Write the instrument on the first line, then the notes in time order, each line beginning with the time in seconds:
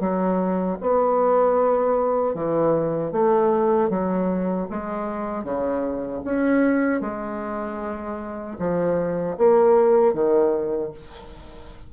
bassoon
0.00 F#3
0.81 B3
2.34 E3
3.12 A3
3.90 F#3
4.70 G#3
5.44 C#3
6.24 C#4
7.01 G#3
8.59 F3
9.38 A#3
10.14 D#3